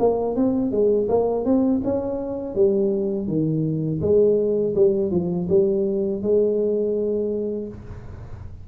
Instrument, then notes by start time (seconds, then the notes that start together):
tuba
0.00 A#3
0.36 C4
0.72 G#3
1.09 A#3
1.45 C4
1.85 C#4
2.55 G3
3.28 D#3
4.02 G#3
4.76 G3
5.12 F3
5.50 G3
6.23 G#3